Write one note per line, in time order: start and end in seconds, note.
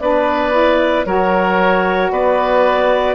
0.00 1.05 B3
0.00 0.52 D4
0.00 1.06 B4
0.00 1.05 D5
0.52 1.04 E4
1.05 2.11 F#3
1.05 3.15 F#4
1.05 2.11 A#4
1.05 2.11 C#5
2.11 3.15 B3
2.11 3.15 B4
2.11 3.15 D5